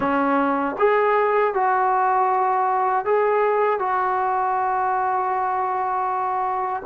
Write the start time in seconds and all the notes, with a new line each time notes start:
0.00 C#4
0.78 G#4
1.54 F#4
3.05 G#4
3.79 F#4